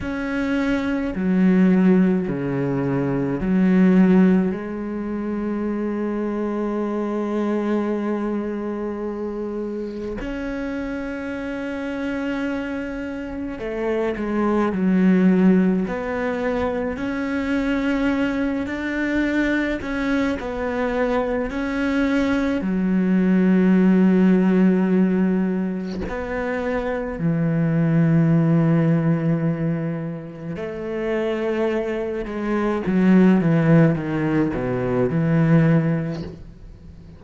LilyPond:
\new Staff \with { instrumentName = "cello" } { \time 4/4 \tempo 4 = 53 cis'4 fis4 cis4 fis4 | gis1~ | gis4 cis'2. | a8 gis8 fis4 b4 cis'4~ |
cis'8 d'4 cis'8 b4 cis'4 | fis2. b4 | e2. a4~ | a8 gis8 fis8 e8 dis8 b,8 e4 | }